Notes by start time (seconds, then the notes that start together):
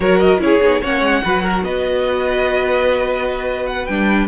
0.00 F#3 F#4 A#4 C#5
0.18 D#5
0.38 C#4 E4 G#4 C#5
0.61 B3 D#4
0.81 A#3 C#4 C#5 F#5
1.01 G#3
1.23 F#3 F#4 B4
1.43 A#4
1.63 B3 B4 D#5
3.66 F#5
3.85 G3 D4 G5